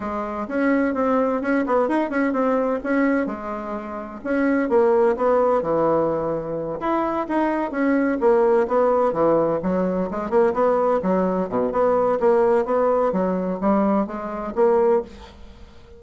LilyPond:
\new Staff \with { instrumentName = "bassoon" } { \time 4/4 \tempo 4 = 128 gis4 cis'4 c'4 cis'8 b8 | dis'8 cis'8 c'4 cis'4 gis4~ | gis4 cis'4 ais4 b4 | e2~ e8 e'4 dis'8~ |
dis'8 cis'4 ais4 b4 e8~ | e8 fis4 gis8 ais8 b4 fis8~ | fis8 b,8 b4 ais4 b4 | fis4 g4 gis4 ais4 | }